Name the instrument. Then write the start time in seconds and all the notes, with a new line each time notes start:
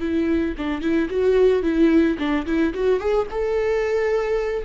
viola
0.00 E4
0.58 D4
0.82 E4
1.10 F#4
1.63 E4
2.19 D4
2.46 E4
2.74 F#4
3.00 G#4
3.31 A4